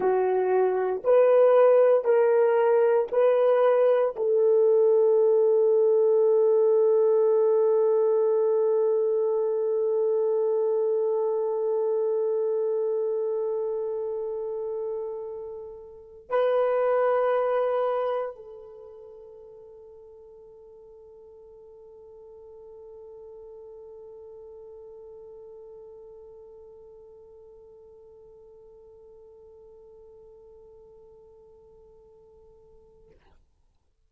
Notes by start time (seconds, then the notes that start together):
0.00 F#4
1.03 B4
2.04 A#4
3.11 B4
4.16 A4
16.29 B4
18.35 A4